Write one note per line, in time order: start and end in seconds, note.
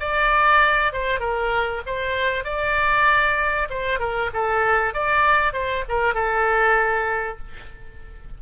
0.00 0.93 D5
0.93 1.20 C5
1.20 1.82 A#4
1.87 2.45 C5
2.45 3.68 D5
3.70 4.00 C5
4.00 4.30 A#4
4.34 4.94 A4
4.94 5.53 D5
5.53 5.84 C5
5.89 6.15 A#4
6.15 7.38 A4